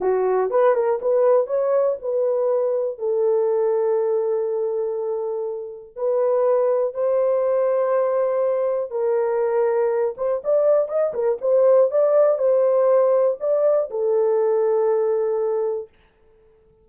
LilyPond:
\new Staff \with { instrumentName = "horn" } { \time 4/4 \tempo 4 = 121 fis'4 b'8 ais'8 b'4 cis''4 | b'2 a'2~ | a'1 | b'2 c''2~ |
c''2 ais'2~ | ais'8 c''8 d''4 dis''8 ais'8 c''4 | d''4 c''2 d''4 | a'1 | }